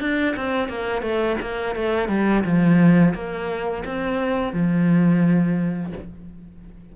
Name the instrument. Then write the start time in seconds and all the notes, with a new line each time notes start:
cello
0.00 D4
0.36 C4
0.68 A#3
1.01 A3
1.41 A#3
1.75 A3
2.08 G3
2.44 F3
3.14 A#3
3.85 C4
4.53 F3